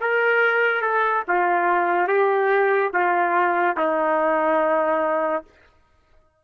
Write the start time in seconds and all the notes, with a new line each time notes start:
0.00 A#4
0.81 A4
1.27 F4
2.08 G4
2.93 F4
3.77 D#4